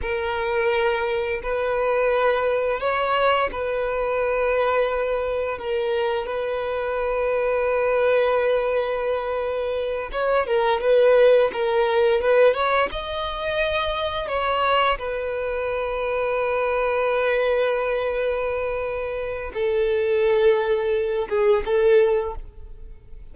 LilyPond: \new Staff \with { instrumentName = "violin" } { \time 4/4 \tempo 4 = 86 ais'2 b'2 | cis''4 b'2. | ais'4 b'2.~ | b'2~ b'8 cis''8 ais'8 b'8~ |
b'8 ais'4 b'8 cis''8 dis''4.~ | dis''8 cis''4 b'2~ b'8~ | b'1 | a'2~ a'8 gis'8 a'4 | }